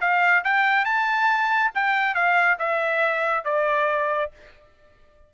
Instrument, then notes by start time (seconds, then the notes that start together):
trumpet
0.00 F5
0.44 G5
0.85 A5
1.74 G5
2.14 F5
2.58 E5
3.44 D5